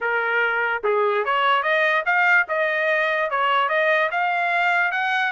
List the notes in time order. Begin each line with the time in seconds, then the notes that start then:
0.00 A#4
0.83 G#4
1.24 C#5
1.62 D#5
2.05 F5
2.48 D#5
3.30 C#5
3.68 D#5
4.11 F5
4.91 F#5